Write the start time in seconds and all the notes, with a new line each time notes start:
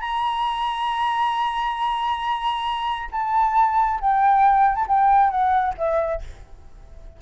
0.00 A#5
3.11 A5
4.00 G5
4.75 A5
4.87 G5
5.30 F#5
5.77 E5